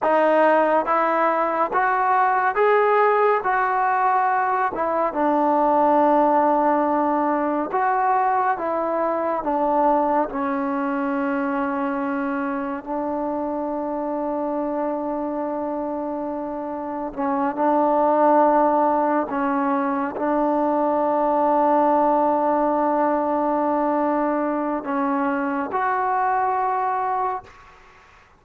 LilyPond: \new Staff \with { instrumentName = "trombone" } { \time 4/4 \tempo 4 = 70 dis'4 e'4 fis'4 gis'4 | fis'4. e'8 d'2~ | d'4 fis'4 e'4 d'4 | cis'2. d'4~ |
d'1 | cis'8 d'2 cis'4 d'8~ | d'1~ | d'4 cis'4 fis'2 | }